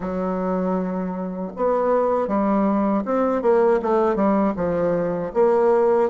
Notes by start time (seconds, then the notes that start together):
0.00 F#3
1.56 B3
2.28 G3
3.05 C4
3.41 A#3
3.82 A3
4.15 G3
4.56 F3
5.33 A#3